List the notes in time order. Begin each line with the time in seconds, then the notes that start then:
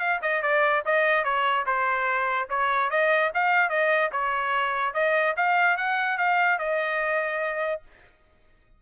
0.00 F5
0.22 D#5
0.43 D5
0.86 D#5
1.24 C#5
1.67 C5
2.50 C#5
2.91 D#5
3.35 F5
3.70 D#5
4.12 C#5
4.94 D#5
5.37 F5
5.77 F#5
6.18 F5
6.59 D#5